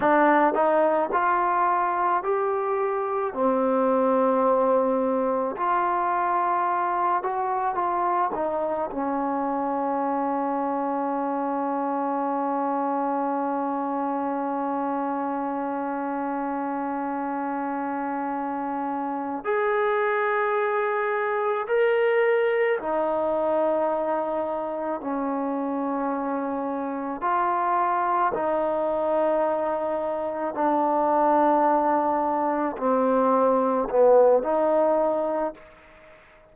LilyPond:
\new Staff \with { instrumentName = "trombone" } { \time 4/4 \tempo 4 = 54 d'8 dis'8 f'4 g'4 c'4~ | c'4 f'4. fis'8 f'8 dis'8 | cis'1~ | cis'1~ |
cis'4. gis'2 ais'8~ | ais'8 dis'2 cis'4.~ | cis'8 f'4 dis'2 d'8~ | d'4. c'4 b8 dis'4 | }